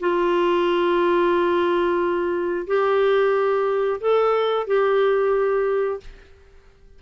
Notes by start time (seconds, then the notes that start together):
0.00 F4
2.67 G4
4.00 A4
4.67 G4